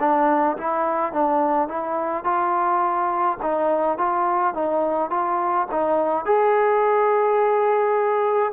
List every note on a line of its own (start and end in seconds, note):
0.00 0.57 D4
0.57 1.13 E4
1.13 1.68 D4
1.68 2.24 E4
2.24 3.38 F4
3.43 3.98 D#4
3.98 4.54 F4
4.54 5.10 D#4
5.10 5.68 F4
5.71 6.26 D#4
6.26 8.53 G#4